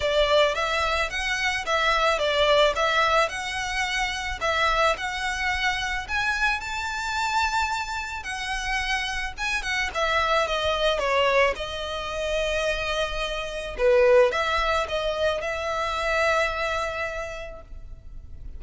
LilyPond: \new Staff \with { instrumentName = "violin" } { \time 4/4 \tempo 4 = 109 d''4 e''4 fis''4 e''4 | d''4 e''4 fis''2 | e''4 fis''2 gis''4 | a''2. fis''4~ |
fis''4 gis''8 fis''8 e''4 dis''4 | cis''4 dis''2.~ | dis''4 b'4 e''4 dis''4 | e''1 | }